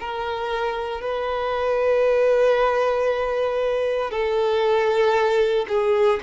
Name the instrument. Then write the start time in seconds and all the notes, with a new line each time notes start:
violin
0.00 A#4
1.02 B4
4.11 A4
5.68 G#4